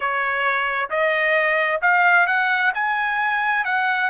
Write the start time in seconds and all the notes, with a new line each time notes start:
0.00 C#5
0.90 D#5
1.81 F5
2.26 F#5
2.74 G#5
3.64 F#5